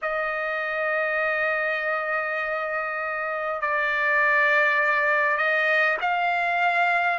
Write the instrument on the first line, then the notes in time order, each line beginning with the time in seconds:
trumpet
0.02 D#5
3.61 D5
5.37 D#5
6.01 F5